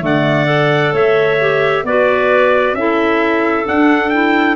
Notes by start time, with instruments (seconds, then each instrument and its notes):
0.00 tuba D3, clarinet A3 D5, trumpet F#5
0.45 clarinet A4
0.92 tuba A3, clarinet C#5, trumpet E5
1.40 clarinet G4
1.83 tuba B3, clarinet F#4 B4, trumpet D5
2.73 tuba C#4, clarinet E4 A4, trumpet E5
3.64 clarinet D4, tuba D4, trumpet F#5
4.09 clarinet E4, trumpet G5